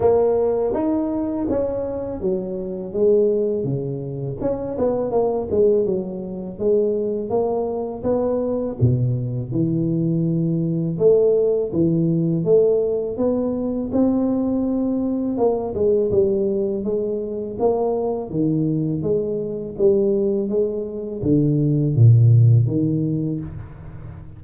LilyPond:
\new Staff \with { instrumentName = "tuba" } { \time 4/4 \tempo 4 = 82 ais4 dis'4 cis'4 fis4 | gis4 cis4 cis'8 b8 ais8 gis8 | fis4 gis4 ais4 b4 | b,4 e2 a4 |
e4 a4 b4 c'4~ | c'4 ais8 gis8 g4 gis4 | ais4 dis4 gis4 g4 | gis4 d4 ais,4 dis4 | }